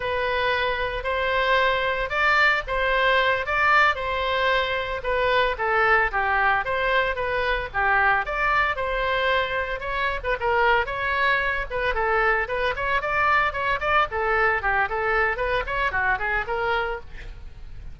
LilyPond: \new Staff \with { instrumentName = "oboe" } { \time 4/4 \tempo 4 = 113 b'2 c''2 | d''4 c''4. d''4 c''8~ | c''4. b'4 a'4 g'8~ | g'8 c''4 b'4 g'4 d''8~ |
d''8 c''2 cis''8. b'16 ais'8~ | ais'8 cis''4. b'8 a'4 b'8 | cis''8 d''4 cis''8 d''8 a'4 g'8 | a'4 b'8 cis''8 fis'8 gis'8 ais'4 | }